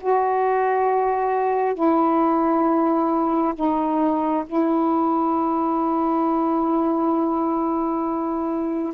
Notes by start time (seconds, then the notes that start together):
0.00 F#4
1.75 E4
3.55 D#4
4.46 E4